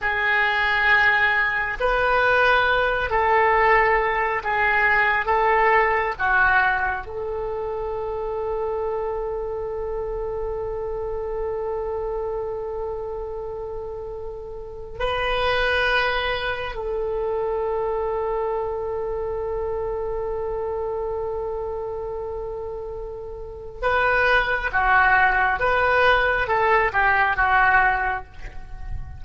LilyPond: \new Staff \with { instrumentName = "oboe" } { \time 4/4 \tempo 4 = 68 gis'2 b'4. a'8~ | a'4 gis'4 a'4 fis'4 | a'1~ | a'1~ |
a'4 b'2 a'4~ | a'1~ | a'2. b'4 | fis'4 b'4 a'8 g'8 fis'4 | }